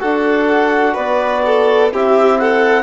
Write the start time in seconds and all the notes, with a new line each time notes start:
0.00 D4 F#4 A4 F#5
0.94 B3 B4 D5
1.46 A4
1.92 C4 E4 G4 E5
2.39 A4 F#5